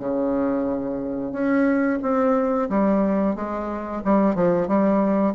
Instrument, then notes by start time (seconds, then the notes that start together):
bassoon
0.00 C#3
1.33 C#4
2.03 C4
2.70 G3
3.36 G#3
4.05 G3
4.35 F3
4.68 G3